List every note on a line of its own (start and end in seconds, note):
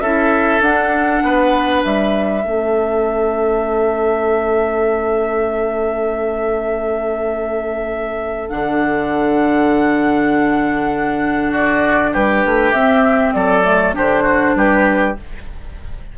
0.00 0.60 C#4
0.00 0.62 E4
0.00 1.23 A4
0.00 0.61 E5
0.60 1.21 D4
0.60 2.43 D4
0.60 1.83 F#5
1.22 1.83 B3
1.22 2.44 B4
1.84 2.44 G3
1.84 8.49 E5
2.43 8.50 A3
2.43 8.49 C#4
2.43 11.49 A4
8.49 12.14 D3
8.49 12.73 D4
8.49 11.52 F#5
11.49 12.10 F#4
11.49 12.14 D5
12.12 12.44 G3
12.12 13.33 G4
12.12 12.72 B4
12.45 12.72 A3
12.72 13.33 C4
12.72 13.63 C4
12.72 13.32 E5
13.33 13.95 F#3
13.33 13.95 A4
13.33 13.93 D5
13.63 13.93 A3
13.93 14.55 D3
13.93 15.15 D4
13.93 14.23 G4
13.93 14.56 C5
14.23 14.53 F#4
14.55 15.15 G3
14.55 15.18 G4
14.55 15.17 B4